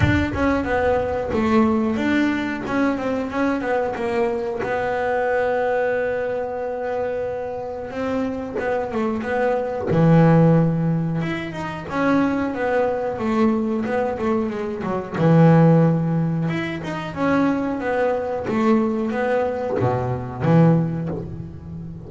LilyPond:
\new Staff \with { instrumentName = "double bass" } { \time 4/4 \tempo 4 = 91 d'8 cis'8 b4 a4 d'4 | cis'8 c'8 cis'8 b8 ais4 b4~ | b1 | c'4 b8 a8 b4 e4~ |
e4 e'8 dis'8 cis'4 b4 | a4 b8 a8 gis8 fis8 e4~ | e4 e'8 dis'8 cis'4 b4 | a4 b4 b,4 e4 | }